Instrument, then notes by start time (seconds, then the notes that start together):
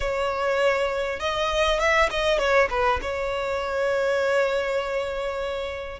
violin
0.00 C#5
1.19 D#5
1.79 E5
2.10 D#5
2.38 C#5
2.69 B4
3.01 C#5